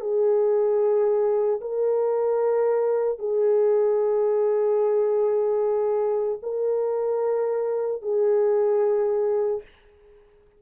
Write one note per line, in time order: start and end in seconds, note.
0.00 1.60 G#4
1.60 3.19 A#4
3.19 6.39 G#4
6.42 8.01 A#4
8.01 9.61 G#4